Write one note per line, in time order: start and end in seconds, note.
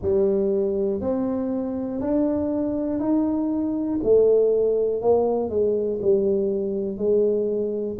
0.01 1.00 G3
1.00 2.00 C4
2.00 2.99 D4
2.99 3.99 D#4
4.03 5.01 A3
5.01 5.50 A#3
5.50 6.00 G#3
6.01 6.97 G3
6.97 7.97 G#3